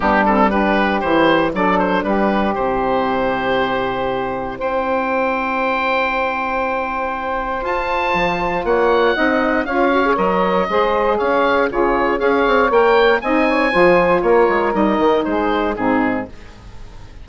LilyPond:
<<
  \new Staff \with { instrumentName = "oboe" } { \time 4/4 \tempo 4 = 118 g'8 a'8 b'4 c''4 d''8 c''8 | b'4 c''2.~ | c''4 g''2.~ | g''2. a''4~ |
a''4 fis''2 f''4 | dis''2 f''4 cis''4 | f''4 g''4 gis''2 | cis''4 dis''4 c''4 gis'4 | }
  \new Staff \with { instrumentName = "saxophone" } { \time 4/4 d'4 g'2 a'4 | g'1~ | g'4 c''2.~ | c''1~ |
c''4 cis''4 dis''4 cis''4~ | cis''4 c''4 cis''4 gis'4 | cis''2 dis''8 cis''8 c''4 | ais'2 gis'4 dis'4 | }
  \new Staff \with { instrumentName = "saxophone" } { \time 4/4 b8 c'8 d'4 e'4 d'4~ | d'4 e'2.~ | e'1~ | e'2. f'4~ |
f'2 dis'4 f'8 fis'16 gis'16 | ais'4 gis'2 f'4 | gis'4 ais'4 dis'4 f'4~ | f'4 dis'2 c'4 | }
  \new Staff \with { instrumentName = "bassoon" } { \time 4/4 g2 e4 fis4 | g4 c2.~ | c4 c'2.~ | c'2. f'4 |
f4 ais4 c'4 cis'4 | fis4 gis4 cis'4 cis4 | cis'8 c'8 ais4 c'4 f4 | ais8 gis8 g8 dis8 gis4 gis,4 | }
>>